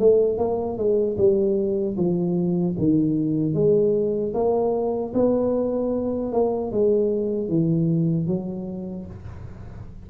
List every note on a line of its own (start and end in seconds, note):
0.00 0.38 A3
0.38 0.78 A#3
0.78 1.17 G#3
1.18 1.97 G3
1.97 2.76 F3
2.79 3.55 D#3
3.55 4.33 G#3
4.35 5.14 A#3
5.14 6.33 B3
6.33 6.72 A#3
6.72 7.49 G#3
7.49 8.28 E3
8.28 9.06 F#3